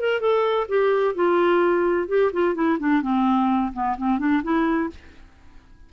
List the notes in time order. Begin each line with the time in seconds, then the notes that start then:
0.00 A#4
0.21 A4
0.69 G4
1.15 F4
2.08 G4
2.33 F4
2.55 E4
2.80 D4
3.03 C4
3.74 B3
3.98 C4
4.19 D4
4.44 E4